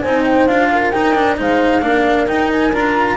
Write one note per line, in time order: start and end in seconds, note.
0.00 0.47 C4
0.00 0.49 D#4
0.00 0.69 C5
0.00 0.23 G#5
0.24 0.47 G5
0.47 0.92 D4
0.47 0.93 F4
0.47 0.91 F5
0.72 1.38 A#4
0.91 1.14 D#4
0.91 1.40 D#4
0.91 1.36 G5
1.14 1.37 D4
1.37 1.81 G#3
1.37 1.82 D#4
1.37 1.83 C5
1.37 2.28 F5
1.81 2.27 A#3
1.81 2.27 D4
1.81 3.17 A#4
2.27 2.72 D#4
2.27 2.73 D#4
2.27 2.50 G5
2.52 2.74 G#5
2.72 3.17 D4
2.72 3.17 F4
2.72 3.17 A#5